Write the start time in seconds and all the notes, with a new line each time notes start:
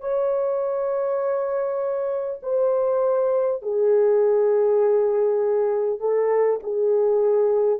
0.00 C#5
2.42 C5
3.62 G#4
5.99 A4
6.63 G#4